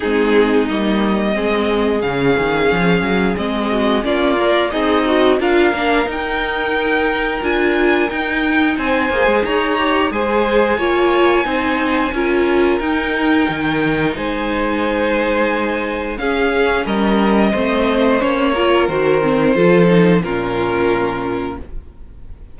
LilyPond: <<
  \new Staff \with { instrumentName = "violin" } { \time 4/4 \tempo 4 = 89 gis'4 dis''2 f''4~ | f''4 dis''4 d''4 dis''4 | f''4 g''2 gis''4 | g''4 gis''4 ais''4 gis''4~ |
gis''2. g''4~ | g''4 gis''2. | f''4 dis''2 cis''4 | c''2 ais'2 | }
  \new Staff \with { instrumentName = "violin" } { \time 4/4 dis'2 gis'2~ | gis'4. fis'8 f'4 dis'4 | ais'1~ | ais'4 c''4 cis''4 c''4 |
cis''4 c''4 ais'2~ | ais'4 c''2. | gis'4 ais'4 c''4. ais'8~ | ais'4 a'4 f'2 | }
  \new Staff \with { instrumentName = "viola" } { \time 4/4 c'4 ais4 c'4 cis'4~ | cis'4 c'4 cis'8 ais'8 gis'8 fis'8 | f'8 d'8 dis'2 f'4 | dis'4. gis'4 g'8 gis'4 |
f'4 dis'4 f'4 dis'4~ | dis'1 | cis'2 c'4 cis'8 f'8 | fis'8 c'8 f'8 dis'8 cis'2 | }
  \new Staff \with { instrumentName = "cello" } { \time 4/4 gis4 g4 gis4 cis8 dis8 | f8 fis8 gis4 ais4 c'4 | d'8 ais8 dis'2 d'4 | dis'4 c'8 ais16 gis16 dis'4 gis4 |
ais4 c'4 cis'4 dis'4 | dis4 gis2. | cis'4 g4 a4 ais4 | dis4 f4 ais,2 | }
>>